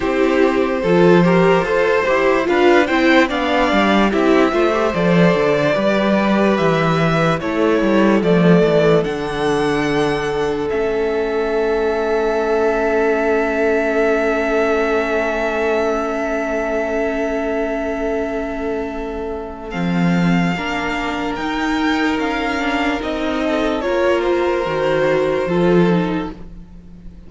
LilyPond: <<
  \new Staff \with { instrumentName = "violin" } { \time 4/4 \tempo 4 = 73 c''2. f''8 g''8 | f''4 e''4 d''2 | e''4 cis''4 d''4 fis''4~ | fis''4 e''2.~ |
e''1~ | e''1 | f''2 g''4 f''4 | dis''4 cis''8 c''2~ c''8 | }
  \new Staff \with { instrumentName = "violin" } { \time 4/4 g'4 a'8 ais'8 c''4 b'8 c''8 | d''4 g'8 c''4. b'4~ | b'4 a'2.~ | a'1~ |
a'1~ | a'1~ | a'4 ais'2.~ | ais'8 a'8 ais'2 a'4 | }
  \new Staff \with { instrumentName = "viola" } { \time 4/4 e'4 f'8 g'8 a'8 g'8 f'8 e'8 | d'4 e'8 f'16 g'16 a'4 g'4~ | g'4 e'4 a4 d'4~ | d'4 cis'2.~ |
cis'1~ | cis'1 | c'4 d'4 dis'4. d'8 | dis'4 f'4 fis'4 f'8 dis'8 | }
  \new Staff \with { instrumentName = "cello" } { \time 4/4 c'4 f4 f'8 e'8 d'8 c'8 | b8 g8 c'8 a8 f8 d8 g4 | e4 a8 g8 f8 e8 d4~ | d4 a2.~ |
a1~ | a1 | f4 ais4 dis'4 cis'4 | c'4 ais4 dis4 f4 | }
>>